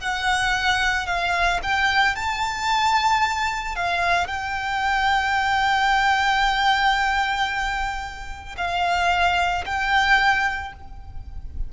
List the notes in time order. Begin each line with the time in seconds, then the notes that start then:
0.00 F#5
1.07 F5
1.63 G5
2.16 A5
3.76 F5
4.27 G5
8.57 F5
9.66 G5